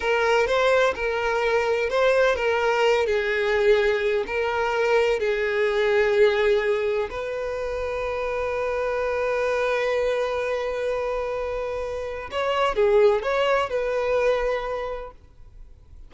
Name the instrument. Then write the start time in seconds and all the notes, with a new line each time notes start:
violin
0.00 A#4
0.46 C5
0.95 A#4
1.89 C5
2.35 A#4
3.06 G#4
4.26 A#4
5.19 G#4
7.10 B4
12.31 C#5
12.75 G#4
13.22 C#5
13.69 B4